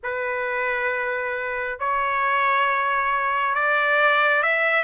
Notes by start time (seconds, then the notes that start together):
0.03 B4
1.79 C#5
3.55 D5
4.42 E5